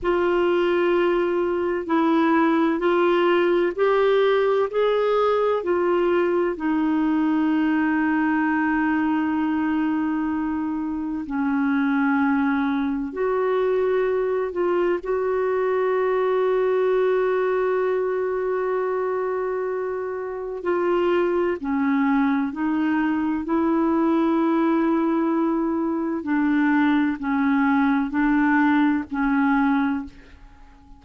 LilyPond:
\new Staff \with { instrumentName = "clarinet" } { \time 4/4 \tempo 4 = 64 f'2 e'4 f'4 | g'4 gis'4 f'4 dis'4~ | dis'1 | cis'2 fis'4. f'8 |
fis'1~ | fis'2 f'4 cis'4 | dis'4 e'2. | d'4 cis'4 d'4 cis'4 | }